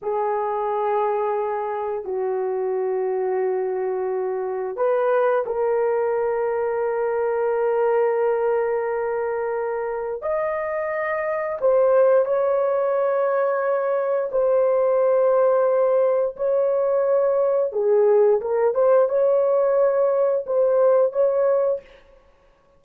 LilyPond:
\new Staff \with { instrumentName = "horn" } { \time 4/4 \tempo 4 = 88 gis'2. fis'4~ | fis'2. b'4 | ais'1~ | ais'2. dis''4~ |
dis''4 c''4 cis''2~ | cis''4 c''2. | cis''2 gis'4 ais'8 c''8 | cis''2 c''4 cis''4 | }